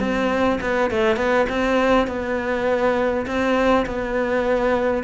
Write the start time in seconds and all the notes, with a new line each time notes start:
0.00 C4
0.61 B3
0.91 A3
1.17 B3
1.50 C4
2.07 B3
3.27 C4
3.86 B3